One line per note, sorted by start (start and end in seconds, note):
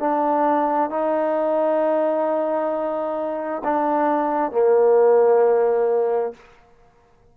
0.00 0.90 D4
0.90 3.63 D#4
3.64 4.52 D4
4.52 6.34 A#3